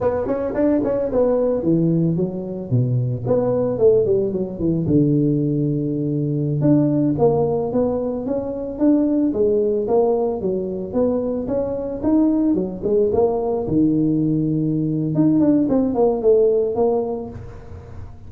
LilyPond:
\new Staff \with { instrumentName = "tuba" } { \time 4/4 \tempo 4 = 111 b8 cis'8 d'8 cis'8 b4 e4 | fis4 b,4 b4 a8 g8 | fis8 e8 d2.~ | d16 d'4 ais4 b4 cis'8.~ |
cis'16 d'4 gis4 ais4 fis8.~ | fis16 b4 cis'4 dis'4 fis8 gis16~ | gis16 ais4 dis2~ dis8. | dis'8 d'8 c'8 ais8 a4 ais4 | }